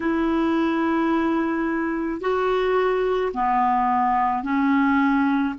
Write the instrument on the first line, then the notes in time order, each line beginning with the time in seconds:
clarinet
0.00 E4
2.20 F#4
3.33 B3
4.43 C#4